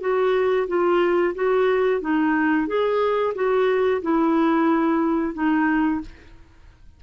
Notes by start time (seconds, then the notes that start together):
0.00 F#4
0.68 F4
1.35 F#4
2.01 D#4
2.67 G#4
3.35 F#4
4.02 E4
5.34 D#4